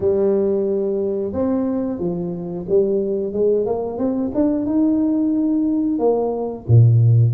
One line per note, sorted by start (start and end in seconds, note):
0.00 1.32 G3
1.32 1.98 C4
1.98 2.65 F3
2.68 3.32 G3
3.32 3.65 G#3
3.66 3.98 A#3
3.98 4.31 C4
4.34 4.65 D4
4.65 5.98 D#4
5.98 6.65 A#3
6.67 7.33 A#2